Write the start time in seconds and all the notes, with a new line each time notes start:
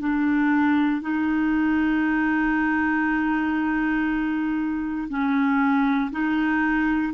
0.00 D4
1.02 D#4
5.09 C#4
6.12 D#4